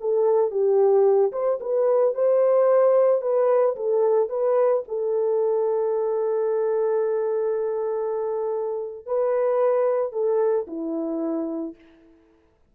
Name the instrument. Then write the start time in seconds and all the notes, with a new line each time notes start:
horn
0.00 A4
0.50 G4
1.31 C5
1.60 B4
2.14 C5
3.21 B4
3.75 A4
4.29 B4
4.87 A4
9.05 B4
10.12 A4
10.67 E4